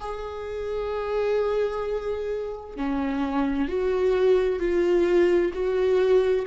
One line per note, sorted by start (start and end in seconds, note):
0.00 2.76 G#4
2.76 3.68 C#4
3.68 4.59 F#4
4.59 5.52 F4
5.53 6.46 F#4